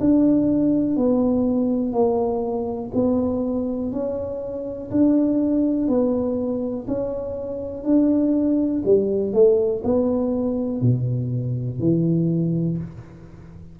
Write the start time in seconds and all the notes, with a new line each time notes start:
0.00 D4
0.97 B3
1.93 A#3
2.95 B3
3.93 C#4
4.91 D4
5.88 B3
6.88 C#4
7.84 D4
8.85 G3
9.34 A3
9.84 B3
10.82 B2
11.80 E3